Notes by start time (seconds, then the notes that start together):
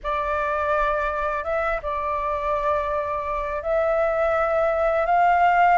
0.03 D5
1.44 E5
1.82 D5
3.62 E5
5.06 F5